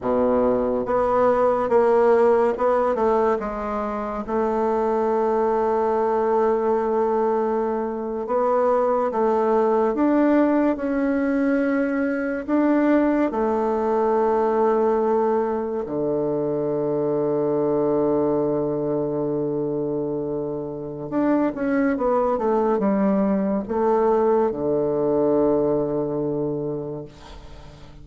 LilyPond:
\new Staff \with { instrumentName = "bassoon" } { \time 4/4 \tempo 4 = 71 b,4 b4 ais4 b8 a8 | gis4 a2.~ | a4.~ a16 b4 a4 d'16~ | d'8. cis'2 d'4 a16~ |
a2~ a8. d4~ d16~ | d1~ | d4 d'8 cis'8 b8 a8 g4 | a4 d2. | }